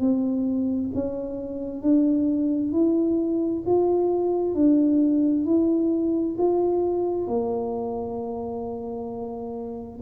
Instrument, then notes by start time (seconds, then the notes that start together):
tuba
0.00 C4
0.94 C#4
1.82 D4
2.72 E4
3.66 F4
4.55 D4
5.45 E4
6.38 F4
7.27 A#3